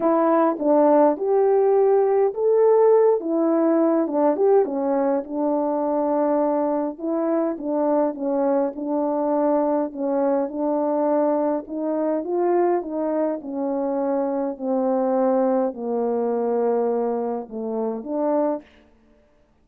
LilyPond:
\new Staff \with { instrumentName = "horn" } { \time 4/4 \tempo 4 = 103 e'4 d'4 g'2 | a'4. e'4. d'8 g'8 | cis'4 d'2. | e'4 d'4 cis'4 d'4~ |
d'4 cis'4 d'2 | dis'4 f'4 dis'4 cis'4~ | cis'4 c'2 ais4~ | ais2 a4 d'4 | }